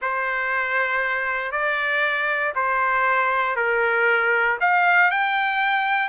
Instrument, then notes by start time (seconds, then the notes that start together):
trumpet
0.01 C5
1.51 D5
2.55 C5
3.56 A#4
4.60 F5
5.11 G5